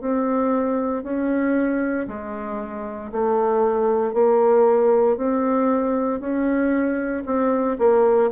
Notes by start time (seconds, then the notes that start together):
0.00 C4
1.03 C#4
2.07 G#3
3.11 A3
4.13 A#3
5.16 C4
6.20 C#4
7.25 C4
7.78 A#3